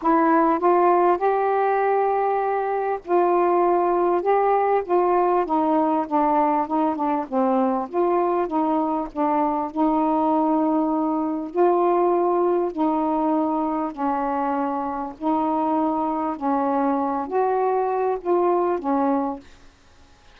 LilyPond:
\new Staff \with { instrumentName = "saxophone" } { \time 4/4 \tempo 4 = 99 e'4 f'4 g'2~ | g'4 f'2 g'4 | f'4 dis'4 d'4 dis'8 d'8 | c'4 f'4 dis'4 d'4 |
dis'2. f'4~ | f'4 dis'2 cis'4~ | cis'4 dis'2 cis'4~ | cis'8 fis'4. f'4 cis'4 | }